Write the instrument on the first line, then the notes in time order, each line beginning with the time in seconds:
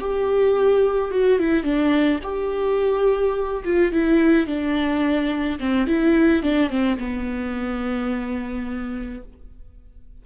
viola
0.00 G4
1.11 F#4
1.39 E4
1.64 D4
2.23 G4
3.65 F4
3.92 E4
4.47 D4
5.59 C4
5.87 E4
6.43 D4
6.70 C4
6.99 B3